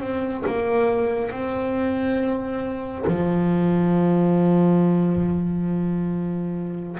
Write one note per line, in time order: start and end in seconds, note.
0.00 0.43 C4
0.46 1.30 A#3
1.30 3.04 C4
3.07 6.98 F3